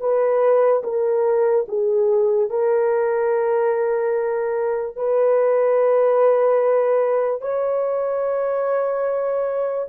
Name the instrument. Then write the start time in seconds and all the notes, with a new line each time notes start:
horn
0.00 B4
0.84 A#4
1.68 G#4
2.50 A#4
4.97 B4
7.42 C#5